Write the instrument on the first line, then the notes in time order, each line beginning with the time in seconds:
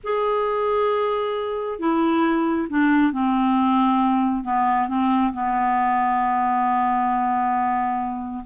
clarinet
0.03 G#4
1.79 E4
2.69 D4
3.12 C4
4.43 B3
4.88 C4
5.33 B3